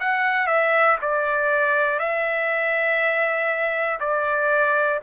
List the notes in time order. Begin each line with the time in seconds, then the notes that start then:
0.00 F#5
0.47 E5
1.02 D5
1.99 E5
4.00 D5